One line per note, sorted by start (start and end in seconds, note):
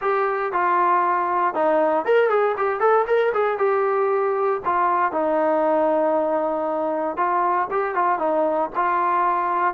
0.01 0.52 G4
0.52 1.54 F4
1.54 2.05 D#4
2.05 2.29 A#4
2.29 2.55 G#4
2.57 2.79 G4
2.79 3.05 A4
3.07 3.32 A#4
3.33 3.58 G#4
3.58 4.60 G4
4.65 5.12 F4
5.12 7.17 D#4
7.17 7.68 F4
7.70 7.94 G4
7.94 8.18 F4
8.18 8.70 D#4
8.75 9.74 F4